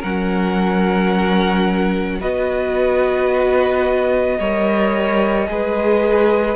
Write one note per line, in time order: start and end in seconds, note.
0.00 2.22 F#3
0.00 2.20 C#4
0.00 2.18 A#4
0.00 2.21 F#5
2.20 4.40 B3
2.20 4.38 F#4
2.20 4.38 B4
2.20 6.56 D#5
4.40 5.49 G3
4.40 5.47 A#4
4.40 5.49 C#5
5.47 6.56 G#3
5.47 6.56 G#4
5.47 6.56 B4